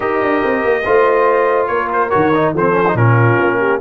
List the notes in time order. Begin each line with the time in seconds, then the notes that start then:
0.00 D#4 G4 A#4 D#5
0.22 D4
0.43 C4
0.64 A#3
0.85 A3 F4 C5
1.67 A#3 A#4 C#5
1.92 C5
2.09 D#3 F#4 C#5
2.33 D#4
2.53 F3 C4 A4 C5
2.72 C#4
2.88 D#4
2.94 A#2 C#4 F4 A#4
3.39 A#3
3.59 G4